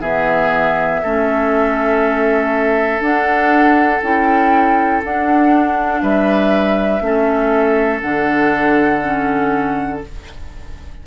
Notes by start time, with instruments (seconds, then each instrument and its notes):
0.00 bassoon E3, clarinet B3, oboe G#4, flute E5
1.02 bassoon A3, clarinet C#4, oboe A4
3.00 bassoon D4, clarinet D4, flute F#5
4.02 bassoon C#4, clarinet E4, flute G5
5.04 bassoon D4, clarinet D4, flute F#5
6.01 bassoon G3, oboe B4, flute E5
7.01 bassoon A3, clarinet C#4, oboe A4
8.00 bassoon D3, clarinet D4, flute F#5
9.01 clarinet C#4